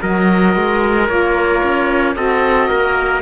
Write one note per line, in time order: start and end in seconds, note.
0.00 0.55 F#3
0.00 1.07 F#4
0.00 2.15 A#4
0.00 1.08 D#5
0.55 1.09 G#3
1.07 1.62 A#3
1.07 2.14 F4
1.07 2.15 C#5
1.63 2.16 C#4
2.15 2.69 C4
2.15 3.21 F#4
2.15 2.68 A4
2.15 3.21 D#5
2.68 3.21 A#3
2.68 3.21 A#4